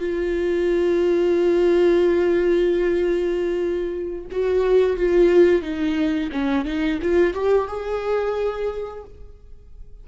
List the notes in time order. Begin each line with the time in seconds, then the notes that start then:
0.00 F4
4.32 F#4
4.97 F4
5.62 D#4
6.32 C#4
6.65 D#4
7.02 F4
7.34 G4
7.68 G#4